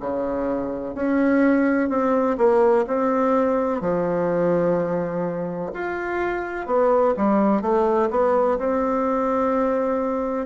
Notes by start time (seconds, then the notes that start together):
0.00 C#3
0.94 C#4
1.89 C4
2.38 A#3
2.87 C4
3.81 F3
5.73 F4
6.66 B3
7.17 G3
7.61 A3
8.10 B3
8.58 C4